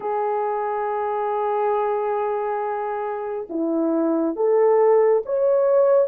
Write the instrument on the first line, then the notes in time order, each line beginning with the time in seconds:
horn
0.00 G#4
3.49 E4
4.36 A4
5.25 C#5